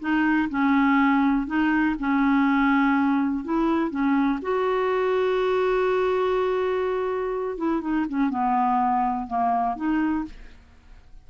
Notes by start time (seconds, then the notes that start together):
0.00 D#4
0.50 C#4
1.47 D#4
1.99 C#4
3.45 E4
3.91 C#4
4.42 F#4
7.58 E4
7.81 D#4
8.09 C#4
8.30 B3
9.27 A#3
9.76 D#4